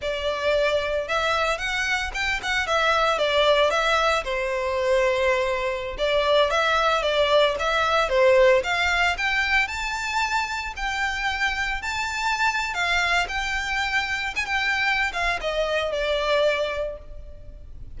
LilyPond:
\new Staff \with { instrumentName = "violin" } { \time 4/4 \tempo 4 = 113 d''2 e''4 fis''4 | g''8 fis''8 e''4 d''4 e''4 | c''2.~ c''16 d''8.~ | d''16 e''4 d''4 e''4 c''8.~ |
c''16 f''4 g''4 a''4.~ a''16~ | a''16 g''2 a''4.~ a''16 | f''4 g''2 gis''16 g''8.~ | g''8 f''8 dis''4 d''2 | }